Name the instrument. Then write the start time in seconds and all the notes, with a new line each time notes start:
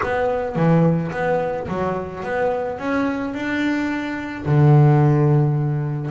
double bass
0.03 B3
0.55 E3
1.11 B3
1.68 F#3
2.23 B3
2.78 C#4
3.33 D4
4.45 D3